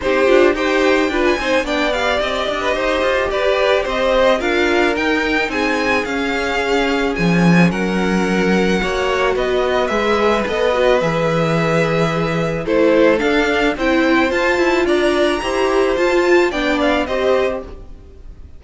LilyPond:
<<
  \new Staff \with { instrumentName = "violin" } { \time 4/4 \tempo 4 = 109 c''4 g''4~ g''16 gis''8. g''8 f''8 | dis''2 d''4 dis''4 | f''4 g''4 gis''4 f''4~ | f''4 gis''4 fis''2~ |
fis''4 dis''4 e''4 dis''4 | e''2. c''4 | f''4 g''4 a''4 ais''4~ | ais''4 a''4 g''8 f''8 dis''4 | }
  \new Staff \with { instrumentName = "violin" } { \time 4/4 g'4 c''4 b'8 c''8 d''4~ | d''8. b'16 c''4 b'4 c''4 | ais'2 gis'2~ | gis'2 ais'2 |
cis''4 b'2.~ | b'2. a'4~ | a'4 c''2 d''4 | c''2 d''4 c''4 | }
  \new Staff \with { instrumentName = "viola" } { \time 4/4 dis'8 f'8 g'4 f'8 dis'8 d'8 g'8~ | g'1 | f'4 dis'2 cis'4~ | cis'1 |
fis'2 gis'4 a'8 fis'8 | gis'2. e'4 | d'4 e'4 f'2 | g'4 f'4 d'4 g'4 | }
  \new Staff \with { instrumentName = "cello" } { \time 4/4 c'8 d'8 dis'4 d'8 c'8 b4 | c'8 d'8 dis'8 f'8 g'4 c'4 | d'4 dis'4 c'4 cis'4~ | cis'4 f4 fis2 |
ais4 b4 gis4 b4 | e2. a4 | d'4 c'4 f'8 e'8 d'4 | e'4 f'4 b4 c'4 | }
>>